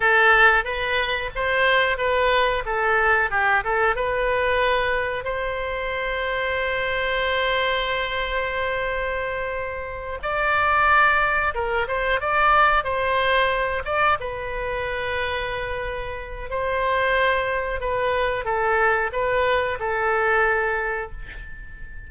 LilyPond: \new Staff \with { instrumentName = "oboe" } { \time 4/4 \tempo 4 = 91 a'4 b'4 c''4 b'4 | a'4 g'8 a'8 b'2 | c''1~ | c''2.~ c''8 d''8~ |
d''4. ais'8 c''8 d''4 c''8~ | c''4 d''8 b'2~ b'8~ | b'4 c''2 b'4 | a'4 b'4 a'2 | }